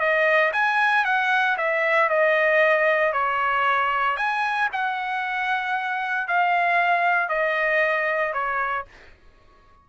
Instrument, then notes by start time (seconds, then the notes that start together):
trumpet
0.00 D#5
0.53 G#5
1.05 F#5
1.58 E5
2.10 D#5
3.13 C#5
4.17 G#5
4.73 F#5
6.28 F5
7.29 D#5
8.34 C#5